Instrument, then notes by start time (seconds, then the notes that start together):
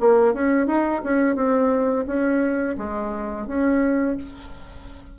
bassoon
0.00 A#3
0.34 C#4
0.67 D#4
1.03 C#4
1.36 C4
2.07 C#4
2.78 G#3
3.47 C#4